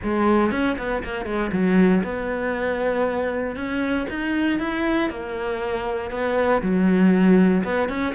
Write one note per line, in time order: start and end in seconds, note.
0.03 0.51 G#3
0.51 0.76 C#4
0.78 1.03 B3
1.03 1.25 A#3
1.25 1.50 G#3
1.52 2.03 F#3
2.03 3.55 B3
3.55 4.06 C#4
4.09 4.59 D#4
4.59 5.10 E4
5.10 6.10 A#3
6.10 6.61 B3
6.61 7.63 F#3
7.64 7.88 B3
7.88 8.14 C#4